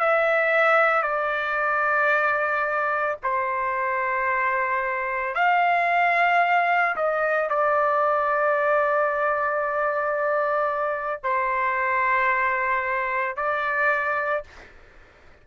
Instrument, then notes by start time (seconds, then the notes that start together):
trumpet
0.00 E5
1.03 D5
3.23 C5
5.35 F5
6.96 D#5
7.50 D5
11.24 C5
13.37 D5